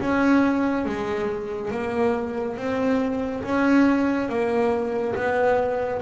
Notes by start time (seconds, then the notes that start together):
0.00 C#4
0.86 G#3
1.71 A#3
2.58 C4
3.44 C#4
4.29 A#3
5.16 B3